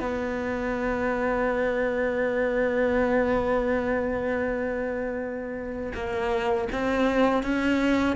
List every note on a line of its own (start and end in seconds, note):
0.00 5.93 B3
5.95 6.69 A#3
6.72 7.43 C4
7.43 8.16 C#4